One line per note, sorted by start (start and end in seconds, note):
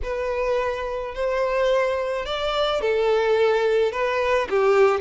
0.02 1.14 B4
1.14 2.25 C5
2.25 2.81 D5
2.81 3.92 A4
3.92 4.48 B4
4.49 5.00 G4